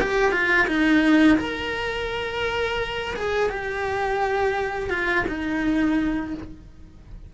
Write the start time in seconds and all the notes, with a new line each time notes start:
0.00 G4
0.31 F4
0.67 D#4
1.38 A#4
3.16 G#4
3.49 G4
4.90 F4
5.28 D#4